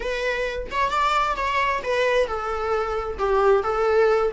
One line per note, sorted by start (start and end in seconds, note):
0.00 0.67 B4
0.71 0.90 C#5
0.90 1.35 D5
1.36 1.82 C#5
1.83 2.27 B4
2.27 3.18 A4
3.18 3.63 G4
3.63 4.31 A4